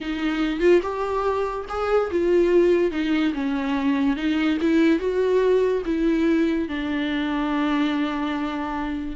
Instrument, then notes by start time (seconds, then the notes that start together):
viola
0.01 D#4
0.60 F4
0.82 G4
1.69 G#4
2.10 F4
2.91 D#4
3.33 C#4
4.16 D#4
4.61 E4
4.99 F#4
5.85 E4
6.68 D4